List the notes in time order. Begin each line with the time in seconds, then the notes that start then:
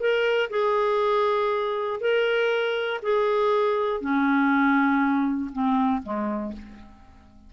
0.00 A#4
0.50 G#4
2.01 A#4
3.03 G#4
4.01 C#4
5.53 C4
6.03 G#3